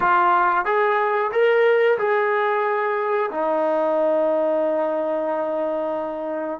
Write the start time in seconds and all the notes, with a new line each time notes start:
0.00 F4
0.65 G#4
1.32 A#4
1.98 G#4
3.31 D#4